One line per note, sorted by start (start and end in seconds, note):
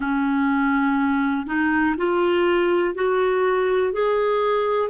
0.00 1.46 C#4
1.46 1.95 D#4
1.97 2.95 F4
2.95 3.92 F#4
3.92 4.89 G#4